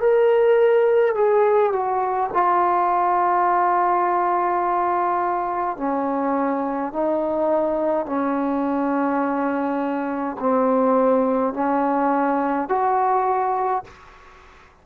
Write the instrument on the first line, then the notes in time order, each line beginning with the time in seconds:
trombone
0.00 A#4
1.15 G#4
1.73 F#4
2.33 F4
5.77 C#4
6.93 D#4
8.06 C#4
10.40 C4
11.54 C#4
12.69 F#4